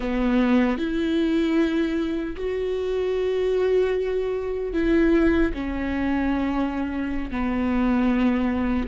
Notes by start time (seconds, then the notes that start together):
0.00 B3
0.78 E4
2.36 F#4
4.73 E4
5.53 C#4
7.31 B3